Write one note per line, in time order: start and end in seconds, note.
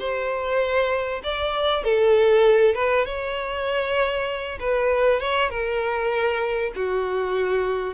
0.00 1.22 C5
1.24 1.84 D5
1.84 2.75 A4
2.75 3.06 B4
3.06 4.59 C#5
4.60 5.21 B4
5.21 5.50 C#5
5.50 6.73 A#4
6.76 7.95 F#4